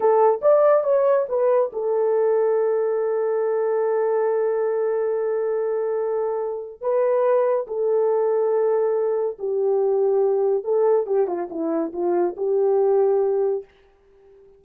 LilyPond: \new Staff \with { instrumentName = "horn" } { \time 4/4 \tempo 4 = 141 a'4 d''4 cis''4 b'4 | a'1~ | a'1~ | a'1 |
b'2 a'2~ | a'2 g'2~ | g'4 a'4 g'8 f'8 e'4 | f'4 g'2. | }